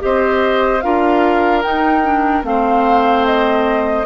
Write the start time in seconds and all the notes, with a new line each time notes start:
0.00 C4 G4 C5 D#5
0.81 D4 F4 A#4 F5
1.63 D#4 G5
2.04 D4
2.43 A3 C4 C5 F5
3.27 D#5